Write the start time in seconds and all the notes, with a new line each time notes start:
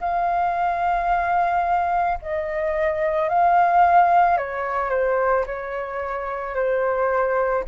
0.00 F5
2.22 D#5
3.29 F5
4.37 C#5
4.90 C5
5.46 C#5
6.55 C5